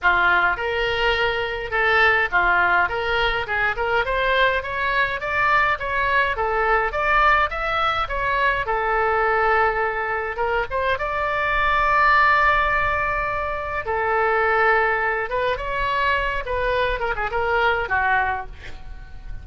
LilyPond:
\new Staff \with { instrumentName = "oboe" } { \time 4/4 \tempo 4 = 104 f'4 ais'2 a'4 | f'4 ais'4 gis'8 ais'8 c''4 | cis''4 d''4 cis''4 a'4 | d''4 e''4 cis''4 a'4~ |
a'2 ais'8 c''8 d''4~ | d''1 | a'2~ a'8 b'8 cis''4~ | cis''8 b'4 ais'16 gis'16 ais'4 fis'4 | }